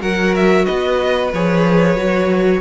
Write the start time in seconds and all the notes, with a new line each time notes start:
0.00 F#3 F#4 A#4 F#5
0.35 E5
0.65 B3 B4 D#5
1.32 F3 G#4 C#5
1.96 F#3 F#4